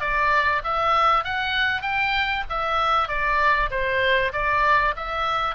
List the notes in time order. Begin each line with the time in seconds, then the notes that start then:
0.00 D5
0.64 E5
1.24 F#5
1.82 G5
2.49 E5
3.08 D5
3.70 C5
4.32 D5
4.96 E5